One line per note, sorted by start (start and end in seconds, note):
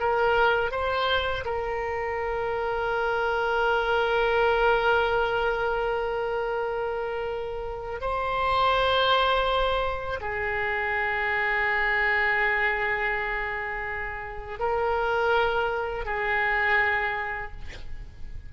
0.00 0.71 A#4
0.71 1.44 C5
1.45 8.01 A#4
8.01 10.20 C5
10.21 14.59 G#4
14.59 16.05 A#4
16.05 17.52 G#4